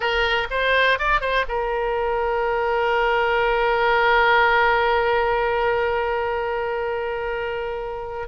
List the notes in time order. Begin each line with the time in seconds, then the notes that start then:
0.00 A#4
0.50 C5
0.98 D5
1.21 C5
1.48 A#4